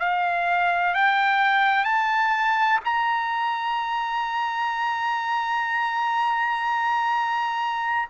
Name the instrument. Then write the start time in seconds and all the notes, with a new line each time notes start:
trumpet
0.00 F5
0.95 G5
1.84 A5
2.85 A#5